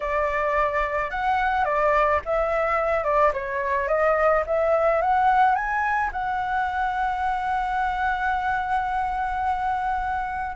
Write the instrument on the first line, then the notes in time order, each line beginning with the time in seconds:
flute
0.00 D5
1.10 F#5
1.65 D5
2.25 E5
3.04 D5
3.33 C#5
3.88 D#5
4.46 E5
5.01 F#5
5.55 G#5
6.12 F#5